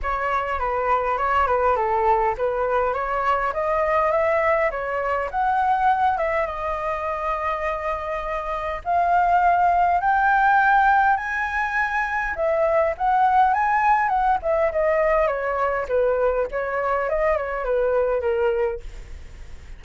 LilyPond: \new Staff \with { instrumentName = "flute" } { \time 4/4 \tempo 4 = 102 cis''4 b'4 cis''8 b'8 a'4 | b'4 cis''4 dis''4 e''4 | cis''4 fis''4. e''8 dis''4~ | dis''2. f''4~ |
f''4 g''2 gis''4~ | gis''4 e''4 fis''4 gis''4 | fis''8 e''8 dis''4 cis''4 b'4 | cis''4 dis''8 cis''8 b'4 ais'4 | }